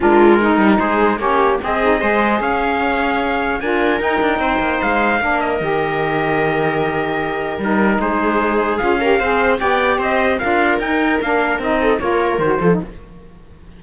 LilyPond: <<
  \new Staff \with { instrumentName = "trumpet" } { \time 4/4 \tempo 4 = 150 ais'2 c''4 cis''4 | dis''2 f''2~ | f''4 gis''4 g''2 | f''4. dis''2~ dis''8~ |
dis''2. ais'4 | c''2 f''2 | g''4 dis''4 f''4 g''4 | f''4 dis''4 cis''4 c''4 | }
  \new Staff \with { instrumentName = "viola" } { \time 4/4 f'4 dis'4 gis'4 g'4 | gis'4 c''4 cis''2~ | cis''4 ais'2 c''4~ | c''4 ais'2.~ |
ais'1 | gis'2~ gis'8 ais'8 c''4 | d''4 c''4 ais'2~ | ais'4. a'8 ais'4. a'8 | }
  \new Staff \with { instrumentName = "saxophone" } { \time 4/4 d'4 dis'2 cis'4 | c'8 dis'8 gis'2.~ | gis'4 f'4 dis'2~ | dis'4 d'4 g'2~ |
g'2. dis'4~ | dis'2 f'8 g'8 gis'4 | g'2 f'4 dis'4 | d'4 dis'4 f'4 fis'8 f'16 dis'16 | }
  \new Staff \with { instrumentName = "cello" } { \time 4/4 gis4. g8 gis4 ais4 | c'4 gis4 cis'2~ | cis'4 d'4 dis'8 d'8 c'8 ais8 | gis4 ais4 dis2~ |
dis2. g4 | gis2 cis'4 c'4 | b4 c'4 d'4 dis'4 | ais4 c'4 ais4 dis8 f8 | }
>>